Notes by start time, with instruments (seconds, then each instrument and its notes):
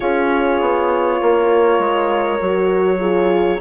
0.00 bassoon C#4, horn F4 G#4, violin C#5
0.60 bassoon B3
1.21 bassoon A#3, horn A#4
1.79 bassoon G#3
2.40 bassoon F#3, horn F#4
2.99 horn F4 G#4